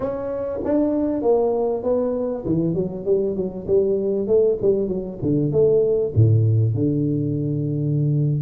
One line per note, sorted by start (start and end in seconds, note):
0.00 0.60 C#4
0.64 1.22 D4
1.22 1.83 A#3
1.83 2.44 B3
2.45 2.74 E3
2.74 3.05 F#3
3.05 3.36 G3
3.36 3.66 F#3
3.67 4.27 G3
4.27 4.57 A3
4.61 4.88 G3
4.88 5.18 F#3
5.22 5.51 D3
5.51 6.13 A3
6.15 6.74 A2
6.74 8.41 D3